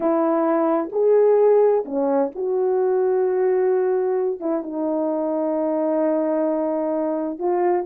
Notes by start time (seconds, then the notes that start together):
0.00 E4
0.92 G#4
1.85 C#4
2.35 F#4
4.40 E4
4.62 D#4
7.38 F4